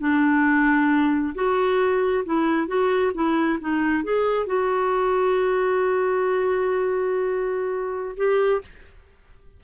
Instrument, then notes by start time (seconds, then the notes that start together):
clarinet
0.00 D4
1.35 F#4
2.26 E4
2.68 F#4
3.15 E4
3.61 D#4
4.04 G#4
4.47 F#4
8.17 G4